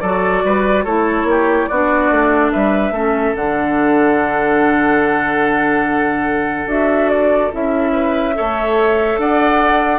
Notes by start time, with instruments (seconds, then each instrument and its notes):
0.00 bassoon F#3, clarinet F#4, oboe A4, flute D5
0.44 bassoon G3, oboe B4
0.84 bassoon A3, clarinet E4, oboe A4, flute C#5
1.24 bassoon A#3
1.30 oboe G4
1.67 bassoon B3, clarinet D4, oboe F#4, flute D5
2.11 bassoon A3
2.52 bassoon G3, oboe B4, flute E5
2.91 bassoon A3, clarinet C#4, oboe A4
3.35 bassoon D3, clarinet D4, flute F#5
6.66 bassoon D4, clarinet F#4, flute E5
7.09 flute D5
7.52 bassoon C#4, clarinet E4, flute E5
7.92 oboe B4
8.34 bassoon A3, clarinet A4, oboe C#5
9.18 bassoon D4, oboe D5, flute F#5